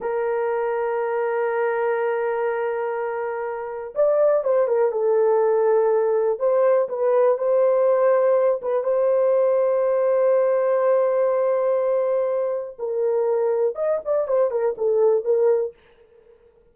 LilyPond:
\new Staff \with { instrumentName = "horn" } { \time 4/4 \tempo 4 = 122 ais'1~ | ais'1 | d''4 c''8 ais'8 a'2~ | a'4 c''4 b'4 c''4~ |
c''4. b'8 c''2~ | c''1~ | c''2 ais'2 | dis''8 d''8 c''8 ais'8 a'4 ais'4 | }